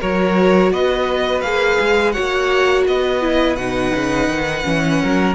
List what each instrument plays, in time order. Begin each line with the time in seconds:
0.00 cello F#3, viola F#4, violin A#4 C#5
0.72 cello B3, violin B4 D#5
1.41 cello A#3, viola G#4, violin F5
1.81 cello G#3
2.12 viola F#4, violin C#5 F#5
2.19 cello A#3
2.87 cello B3, violin B4 D#5
3.22 viola E4
3.56 cello B2, viola D#4, violin F#5
3.95 cello C#3
4.28 cello D#3
4.64 cello E3, viola C#4
5.03 cello F#3, violin A#4